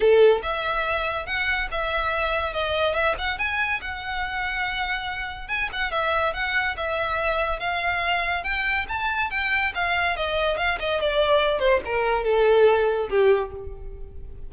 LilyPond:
\new Staff \with { instrumentName = "violin" } { \time 4/4 \tempo 4 = 142 a'4 e''2 fis''4 | e''2 dis''4 e''8 fis''8 | gis''4 fis''2.~ | fis''4 gis''8 fis''8 e''4 fis''4 |
e''2 f''2 | g''4 a''4 g''4 f''4 | dis''4 f''8 dis''8 d''4. c''8 | ais'4 a'2 g'4 | }